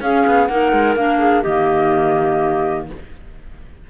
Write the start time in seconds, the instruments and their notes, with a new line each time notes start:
0.00 clarinet C#4 G#4, cello C#4, flute F5
0.27 cello B3
0.46 cello A#3, clarinet D#4 A#4, flute F#5
0.73 cello G#3
0.95 cello A#3, clarinet D4, flute F5
1.19 clarinet G#4
1.42 cello D#3, clarinet A#3 G4, flute D#5